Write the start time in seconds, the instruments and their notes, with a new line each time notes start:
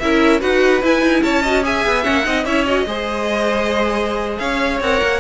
0.00 cello C#4, viola E4, violin A#4 E5
0.41 cello D#4, viola F#4, violin B4 F#5
0.83 cello E4, viola E4, violin G#5
1.02 cello D#4
1.23 cello C#4, violin C#5 A5
1.43 viola F#4, violin D#5
1.63 viola G#4, violin E5 G#5
1.86 cello B3
2.03 cello A#3, viola C#4, violin F#5
2.24 cello C4, viola D#4, violin D#5
2.45 cello C#4, viola E4, violin C#5 E5
2.66 viola F#4, violin D#5
2.86 cello G#3, viola G#4, violin C5
4.39 cello C#4, violin C#5 F5
4.81 cello C4, viola A#4, violin F#5
5.02 cello A#3